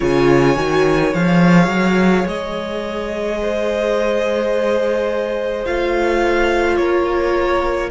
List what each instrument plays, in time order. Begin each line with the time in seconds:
0.00 cello C#3, viola F4, violin C#5 G#5
0.56 cello D#3, viola F#4
1.12 cello F3, viola G#4, violin F5
1.67 cello F#3
2.26 cello G#3, violin D#5
3.42 violin C5
5.65 cello A3, viola F4, violin F5
6.76 cello A#3, violin A#4 C#5